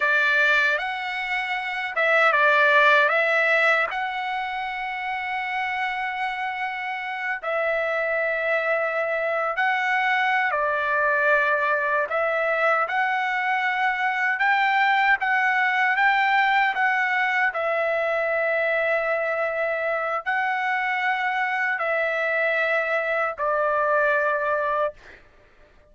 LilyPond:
\new Staff \with { instrumentName = "trumpet" } { \time 4/4 \tempo 4 = 77 d''4 fis''4. e''8 d''4 | e''4 fis''2.~ | fis''4. e''2~ e''8~ | e''16 fis''4~ fis''16 d''2 e''8~ |
e''8 fis''2 g''4 fis''8~ | fis''8 g''4 fis''4 e''4.~ | e''2 fis''2 | e''2 d''2 | }